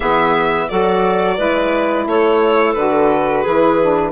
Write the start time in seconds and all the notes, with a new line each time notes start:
0.00 E3 B3 G#4 E5
0.68 F#3 F#4 A4 D5
1.36 G#3 E4 B4
2.06 A3 A4 C#5
2.73 D3 F#4 B4
3.40 E3 E4 G#4
3.81 D4